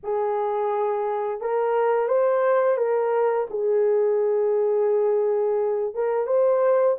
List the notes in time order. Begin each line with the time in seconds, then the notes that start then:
0.03 G#4
1.40 A#4
2.07 C5
2.77 A#4
3.50 G#4
5.94 A#4
6.27 C5